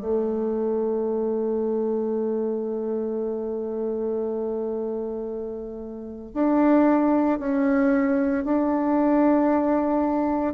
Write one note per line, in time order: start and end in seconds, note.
0.00 6.32 A3
6.33 7.39 D4
7.39 8.44 C#4
8.44 10.54 D4